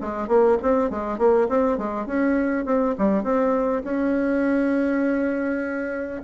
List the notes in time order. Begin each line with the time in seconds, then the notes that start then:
0.00 G#3
0.27 A#3
0.62 C4
0.90 G#3
1.17 A#3
1.48 C4
1.77 G#3
2.05 C#4
2.65 C4
2.98 G3
3.23 C4
3.83 C#4